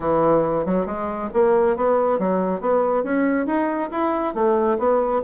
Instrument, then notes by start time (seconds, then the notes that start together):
bassoon
0.00 E3
0.65 F#3
0.85 G#3
1.33 A#3
1.76 B3
2.19 F#3
2.61 B3
3.03 C#4
3.46 D#4
3.91 E4
4.34 A3
4.78 B3